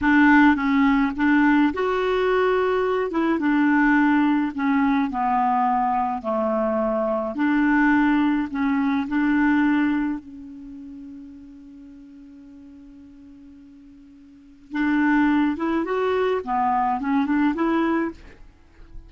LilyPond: \new Staff \with { instrumentName = "clarinet" } { \time 4/4 \tempo 4 = 106 d'4 cis'4 d'4 fis'4~ | fis'4. e'8 d'2 | cis'4 b2 a4~ | a4 d'2 cis'4 |
d'2 cis'2~ | cis'1~ | cis'2 d'4. e'8 | fis'4 b4 cis'8 d'8 e'4 | }